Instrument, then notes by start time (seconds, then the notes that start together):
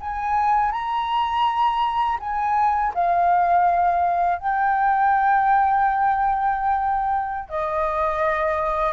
flute
0.00 G#5
0.72 A#5
2.20 G#5
2.94 F5
4.38 G5
7.49 D#5